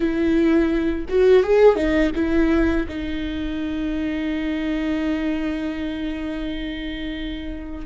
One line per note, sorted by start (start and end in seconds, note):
0.00 1.05 E4
1.08 1.43 F#4
1.43 1.75 G#4
1.75 2.11 D#4
2.15 2.86 E4
2.88 7.86 D#4